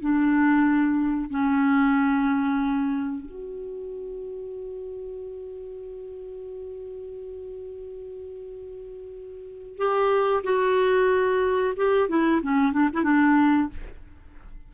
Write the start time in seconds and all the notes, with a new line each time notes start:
0.00 D4
1.30 C#4
3.25 F#4
9.77 G4
10.43 F#4
11.77 G4
12.09 E4
12.42 C#4
12.73 D4
12.93 E4
13.03 D4